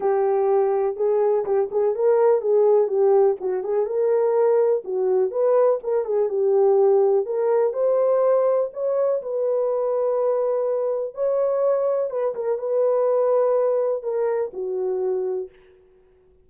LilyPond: \new Staff \with { instrumentName = "horn" } { \time 4/4 \tempo 4 = 124 g'2 gis'4 g'8 gis'8 | ais'4 gis'4 g'4 fis'8 gis'8 | ais'2 fis'4 b'4 | ais'8 gis'8 g'2 ais'4 |
c''2 cis''4 b'4~ | b'2. cis''4~ | cis''4 b'8 ais'8 b'2~ | b'4 ais'4 fis'2 | }